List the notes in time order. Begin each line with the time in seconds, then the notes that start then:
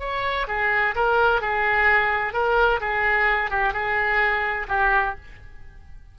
0.00 C#5
0.48 G#4
0.95 A#4
1.41 G#4
2.33 A#4
2.81 G#4
3.51 G4
3.74 G#4
4.69 G4